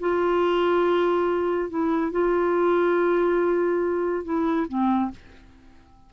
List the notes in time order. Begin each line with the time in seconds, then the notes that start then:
0.00 F4
1.70 E4
2.12 F4
4.25 E4
4.68 C4